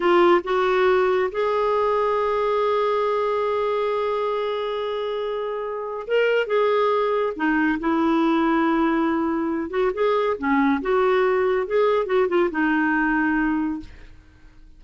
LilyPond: \new Staff \with { instrumentName = "clarinet" } { \time 4/4 \tempo 4 = 139 f'4 fis'2 gis'4~ | gis'1~ | gis'1~ | gis'2 ais'4 gis'4~ |
gis'4 dis'4 e'2~ | e'2~ e'8 fis'8 gis'4 | cis'4 fis'2 gis'4 | fis'8 f'8 dis'2. | }